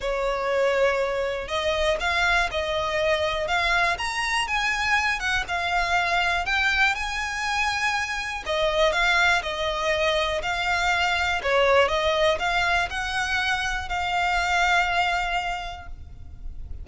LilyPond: \new Staff \with { instrumentName = "violin" } { \time 4/4 \tempo 4 = 121 cis''2. dis''4 | f''4 dis''2 f''4 | ais''4 gis''4. fis''8 f''4~ | f''4 g''4 gis''2~ |
gis''4 dis''4 f''4 dis''4~ | dis''4 f''2 cis''4 | dis''4 f''4 fis''2 | f''1 | }